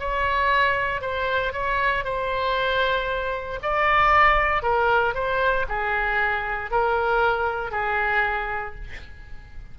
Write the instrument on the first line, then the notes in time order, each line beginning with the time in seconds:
oboe
0.00 C#5
1.02 C5
1.53 C#5
2.05 C5
3.63 D5
4.63 A#4
5.15 C5
5.69 G#4
6.71 A#4
7.72 G#4